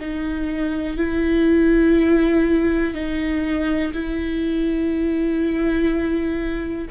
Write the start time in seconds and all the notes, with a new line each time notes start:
0.00 D#4
0.98 E4
2.94 D#4
3.93 E4